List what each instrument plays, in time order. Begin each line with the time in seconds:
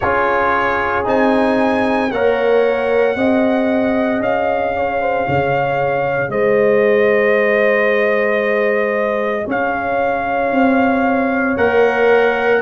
0.00 tuba C#4, trombone F4, horn G#4, trumpet C#5
1.04 tuba C4, trombone D#4, trumpet G#5
2.11 tuba A#3, trombone A#4, horn C#5, trumpet F#5
3.15 tuba C4, trombone G#4, horn D#5
4.20 tuba C#4, trumpet F5
4.75 horn C#5
5.01 horn C5
5.26 tuba C#3, horn C#5
6.29 tuba G#3, horn C5, trumpet D#5
9.45 tuba C#4, horn C#5, trumpet F5
10.51 tuba C4
11.57 tuba A#3, trombone A#4, trumpet F#5